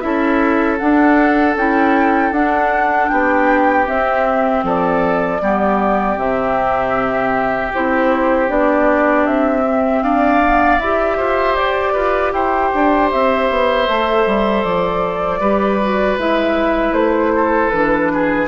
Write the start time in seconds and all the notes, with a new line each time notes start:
0.00 C#4 E4 A4 E5
0.78 D4 F#5
1.56 C#4 E4 G5
2.31 D4 F#5
3.09 B3 G4 G5
3.86 C4 E5
4.63 F3 A4 D5
5.41 G3 B3 G4
6.17 C3 C4 E5
7.74 C4 E4 C5
8.48 B3 D4 D5
9.26 C4 E5
9.67 C4
10.03 D4 D5 F5
10.43 B3
10.79 E4 G4 E5
11.17 F4 C5
11.55 G4 D5
11.93 F4 B4
12.33 E4 C5 G5
12.74 D4
13.11 C4 E5
13.50 B3
13.87 A3 A4
14.26 G3
14.64 F3 D5
15.40 G3 G4 B4
15.82 F#4
16.18 G#3 E4 E5
16.92 A3 C5
17.35 A4
17.70 E3 D4 B4
18.13 G#4